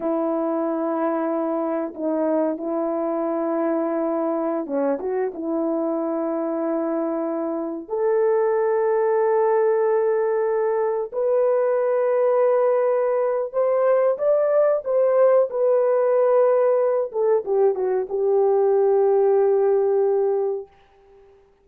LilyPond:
\new Staff \with { instrumentName = "horn" } { \time 4/4 \tempo 4 = 93 e'2. dis'4 | e'2.~ e'16 cis'8 fis'16~ | fis'16 e'2.~ e'8.~ | e'16 a'2.~ a'8.~ |
a'4~ a'16 b'2~ b'8.~ | b'4 c''4 d''4 c''4 | b'2~ b'8 a'8 g'8 fis'8 | g'1 | }